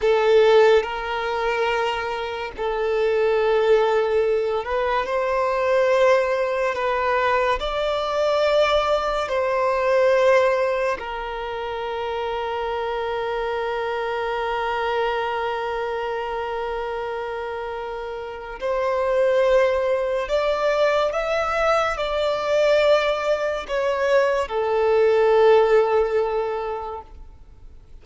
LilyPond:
\new Staff \with { instrumentName = "violin" } { \time 4/4 \tempo 4 = 71 a'4 ais'2 a'4~ | a'4. b'8 c''2 | b'4 d''2 c''4~ | c''4 ais'2.~ |
ais'1~ | ais'2 c''2 | d''4 e''4 d''2 | cis''4 a'2. | }